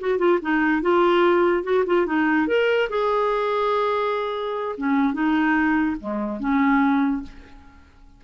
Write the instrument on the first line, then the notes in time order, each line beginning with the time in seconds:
clarinet
0.00 F#4
0.18 F4
0.42 D#4
0.82 F4
1.64 F#4
1.86 F4
2.06 D#4
2.48 A#4
2.89 G#4
4.78 C#4
5.14 D#4
6.00 G#3
6.40 C#4